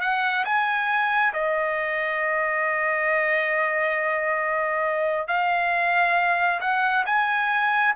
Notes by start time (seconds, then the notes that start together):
0.00 F#5
0.45 G#5
1.33 D#5
5.27 F5
6.60 F#5
7.05 G#5